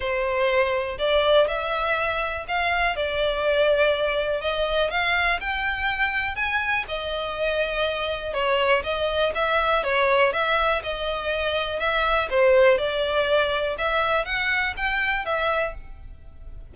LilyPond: \new Staff \with { instrumentName = "violin" } { \time 4/4 \tempo 4 = 122 c''2 d''4 e''4~ | e''4 f''4 d''2~ | d''4 dis''4 f''4 g''4~ | g''4 gis''4 dis''2~ |
dis''4 cis''4 dis''4 e''4 | cis''4 e''4 dis''2 | e''4 c''4 d''2 | e''4 fis''4 g''4 e''4 | }